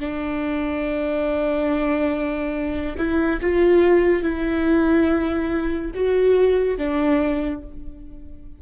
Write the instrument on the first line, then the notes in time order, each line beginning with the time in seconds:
viola
0.00 D4
2.98 E4
3.41 F4
4.23 E4
5.95 F#4
6.78 D4